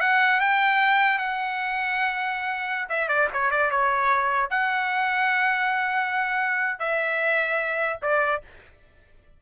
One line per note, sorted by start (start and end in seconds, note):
0.00 0.40 F#5
0.40 1.18 G5
1.18 2.88 F#5
2.89 3.08 E5
3.08 3.28 D5
3.33 3.50 C#5
3.50 3.70 D5
3.70 4.50 C#5
4.50 6.79 F#5
6.79 7.99 E5
8.01 8.41 D5